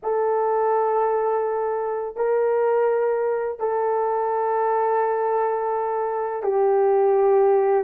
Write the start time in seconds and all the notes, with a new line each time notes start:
0.03 A4
2.16 A#4
3.59 A4
6.43 G4